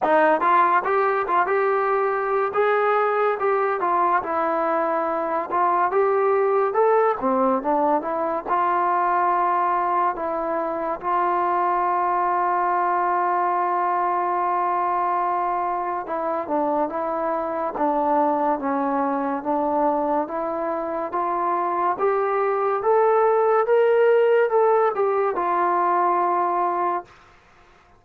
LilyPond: \new Staff \with { instrumentName = "trombone" } { \time 4/4 \tempo 4 = 71 dis'8 f'8 g'8 f'16 g'4~ g'16 gis'4 | g'8 f'8 e'4. f'8 g'4 | a'8 c'8 d'8 e'8 f'2 | e'4 f'2.~ |
f'2. e'8 d'8 | e'4 d'4 cis'4 d'4 | e'4 f'4 g'4 a'4 | ais'4 a'8 g'8 f'2 | }